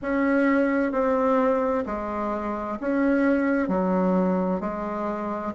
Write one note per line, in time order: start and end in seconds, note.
0.02 0.92 C#4
0.92 1.84 C4
1.85 2.78 G#3
2.80 3.68 C#4
3.68 4.60 F#3
4.60 5.52 G#3